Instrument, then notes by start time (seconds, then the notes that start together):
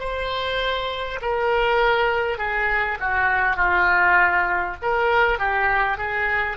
oboe
0.00 C5
1.22 A#4
2.39 G#4
3.01 F#4
3.57 F4
4.82 A#4
5.39 G4
5.98 G#4